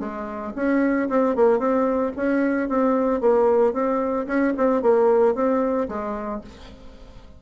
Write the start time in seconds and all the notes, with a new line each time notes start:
0.00 G#3
0.56 C#4
1.09 C4
1.36 A#3
1.59 C4
2.17 C#4
2.69 C4
3.21 A#3
3.73 C4
4.27 C#4
4.57 C4
4.82 A#3
5.35 C4
5.89 G#3